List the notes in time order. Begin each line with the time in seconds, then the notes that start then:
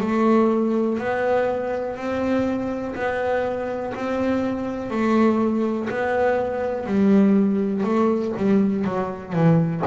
0.00 A3
0.98 B3
1.96 C4
2.95 B3
3.94 C4
4.90 A3
5.90 B3
6.86 G3
7.83 A3
8.37 G3
8.84 F#3
9.33 E3